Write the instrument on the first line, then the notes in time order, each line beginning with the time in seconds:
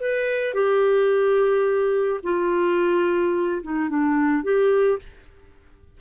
clarinet
0.00 B4
0.54 G4
2.23 F4
3.63 D#4
3.89 D4
4.43 G4